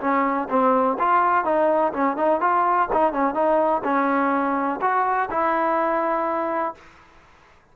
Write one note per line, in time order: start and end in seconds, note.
0.00 0.48 C#4
0.49 0.97 C4
0.99 1.44 F4
1.44 1.92 D#4
1.93 2.16 C#4
2.16 2.40 D#4
2.40 2.88 F4
2.92 3.12 D#4
3.12 3.34 C#4
3.34 3.82 D#4
3.84 4.80 C#4
4.81 5.29 F#4
5.30 6.74 E4